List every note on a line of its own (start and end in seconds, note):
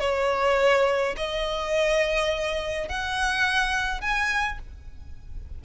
0.00 1.15 C#5
1.17 2.89 D#5
2.89 4.01 F#5
4.01 4.59 G#5